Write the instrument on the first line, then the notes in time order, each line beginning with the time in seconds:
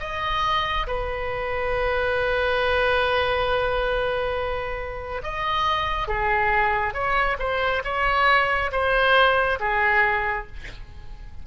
oboe
0.00 D#5
0.87 B4
5.23 D#5
6.08 G#4
6.94 C#5
7.40 C5
7.84 C#5
8.72 C5
9.60 G#4